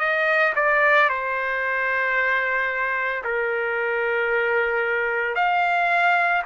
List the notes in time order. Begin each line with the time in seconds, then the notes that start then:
0.00 D#5
0.56 D5
1.10 C5
3.24 A#4
5.36 F5